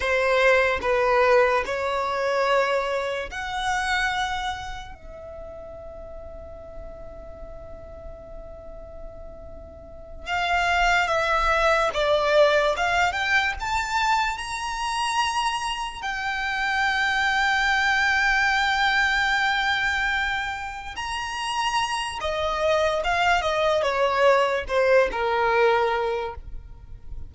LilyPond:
\new Staff \with { instrumentName = "violin" } { \time 4/4 \tempo 4 = 73 c''4 b'4 cis''2 | fis''2 e''2~ | e''1~ | e''8 f''4 e''4 d''4 f''8 |
g''8 a''4 ais''2 g''8~ | g''1~ | g''4. ais''4. dis''4 | f''8 dis''8 cis''4 c''8 ais'4. | }